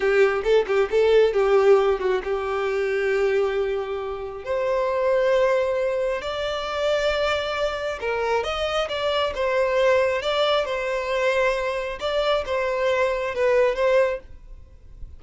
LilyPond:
\new Staff \with { instrumentName = "violin" } { \time 4/4 \tempo 4 = 135 g'4 a'8 g'8 a'4 g'4~ | g'8 fis'8 g'2.~ | g'2 c''2~ | c''2 d''2~ |
d''2 ais'4 dis''4 | d''4 c''2 d''4 | c''2. d''4 | c''2 b'4 c''4 | }